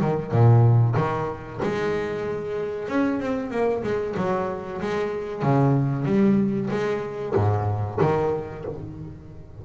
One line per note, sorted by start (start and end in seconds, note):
0.00 0.31 D#3
0.31 0.95 A#2
0.96 1.60 D#3
1.62 2.88 G#3
2.88 3.20 C#4
3.20 3.50 C4
3.50 3.82 A#3
3.83 4.15 G#3
4.17 4.80 F#3
4.81 5.42 G#3
5.42 6.05 C#3
6.05 6.69 G3
6.70 7.34 G#3
7.35 7.99 G#2
8.00 8.64 D#3